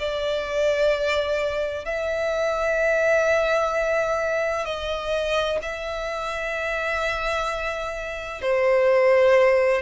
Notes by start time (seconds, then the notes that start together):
0.00 D5
1.86 E5
4.66 D#5
5.62 E5
8.42 C5